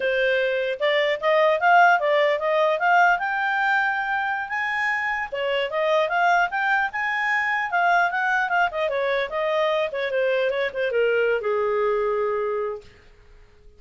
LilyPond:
\new Staff \with { instrumentName = "clarinet" } { \time 4/4 \tempo 4 = 150 c''2 d''4 dis''4 | f''4 d''4 dis''4 f''4 | g''2.~ g''16 gis''8.~ | gis''4~ gis''16 cis''4 dis''4 f''8.~ |
f''16 g''4 gis''2 f''8.~ | f''16 fis''4 f''8 dis''8 cis''4 dis''8.~ | dis''8. cis''8 c''4 cis''8 c''8 ais'8.~ | ais'8 gis'2.~ gis'8 | }